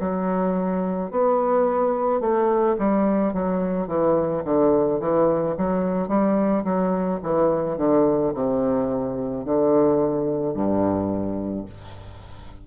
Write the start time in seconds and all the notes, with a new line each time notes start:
0.00 F#3
1.11 B3
2.21 A3
2.79 G3
3.33 F#3
3.87 E3
4.44 D3
5.00 E3
5.58 F#3
6.08 G3
6.64 F#3
7.23 E3
7.77 D3
8.34 C3
9.45 D3
10.54 G2